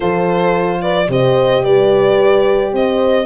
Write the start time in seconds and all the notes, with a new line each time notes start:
0.00 F3 F4 A4 C5
0.81 B4 D5
1.08 C3 G4 C5 D#5
1.64 G3 B4 D5
2.72 C4 C5 D#5